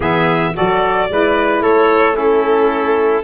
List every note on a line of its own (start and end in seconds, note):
0.00 0.53 E3
0.00 0.53 B3
0.00 0.53 G#4
0.00 0.56 E5
0.54 1.09 F#3
0.54 1.08 F#4
0.54 1.10 A4
0.54 1.62 D5
1.09 1.60 G#3
1.09 2.12 E4
1.09 1.62 B4
1.60 3.22 A3
1.60 2.16 A4
1.60 2.16 C#5
2.12 3.20 C#4
2.12 3.23 E4
2.12 3.23 A4